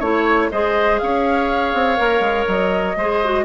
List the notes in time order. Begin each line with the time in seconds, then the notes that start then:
0.00 A3 E4 C#5
0.52 G#3 G#4 C5 D#5
0.99 C#4 C#5 F5
1.74 C4
1.97 A#3 A#4
2.20 G#3
2.48 F#3 D#5
2.96 G#3 G#4 C5
3.25 F#4